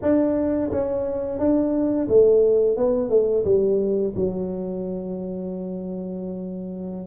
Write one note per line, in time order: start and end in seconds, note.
0.02 0.71 D4
0.71 1.39 C#4
1.39 2.08 D4
2.08 2.76 A3
2.76 3.09 B3
3.09 3.44 A3
3.45 4.13 G3
4.15 7.07 F#3